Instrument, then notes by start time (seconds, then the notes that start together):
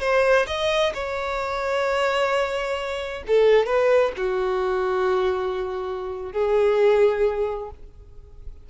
violin
0.00 C5
0.46 D#5
0.94 C#5
3.27 A4
3.66 B4
4.16 F#4
6.32 G#4